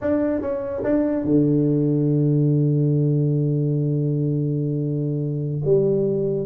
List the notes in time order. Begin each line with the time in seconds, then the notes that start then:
0.01 D4
0.41 C#4
0.83 D4
1.24 D3
5.64 G3